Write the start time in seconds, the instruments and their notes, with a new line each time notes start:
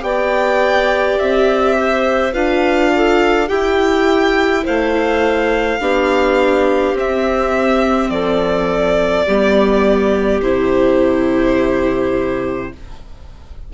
0.00 bassoon B3, viola G4, clarinet D5, violin G5
1.19 bassoon C4, violin E5
1.78 clarinet C5
2.33 bassoon D4, viola F4, clarinet B4, violin F5
2.96 clarinet A4
3.48 viola E4, bassoon E4, clarinet G4, violin G5
4.63 bassoon A3, clarinet C5, violin F5
5.80 bassoon B3, viola D4, clarinet G4
6.94 bassoon C4, viola C4, violin E5
8.10 bassoon F3, clarinet A4, violin D5
9.26 bassoon G3, viola B3, clarinet G4
10.40 bassoon C3, viola E4, violin C5